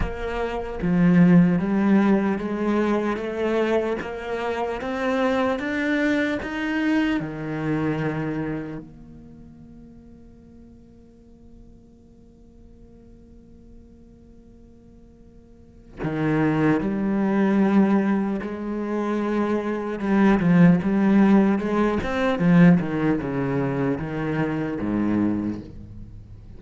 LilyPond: \new Staff \with { instrumentName = "cello" } { \time 4/4 \tempo 4 = 75 ais4 f4 g4 gis4 | a4 ais4 c'4 d'4 | dis'4 dis2 ais4~ | ais1~ |
ais1 | dis4 g2 gis4~ | gis4 g8 f8 g4 gis8 c'8 | f8 dis8 cis4 dis4 gis,4 | }